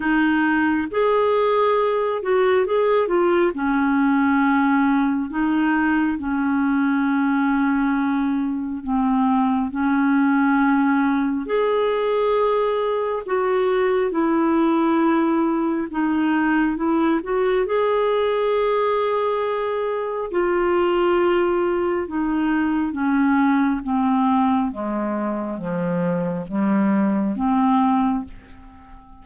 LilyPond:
\new Staff \with { instrumentName = "clarinet" } { \time 4/4 \tempo 4 = 68 dis'4 gis'4. fis'8 gis'8 f'8 | cis'2 dis'4 cis'4~ | cis'2 c'4 cis'4~ | cis'4 gis'2 fis'4 |
e'2 dis'4 e'8 fis'8 | gis'2. f'4~ | f'4 dis'4 cis'4 c'4 | gis4 f4 g4 c'4 | }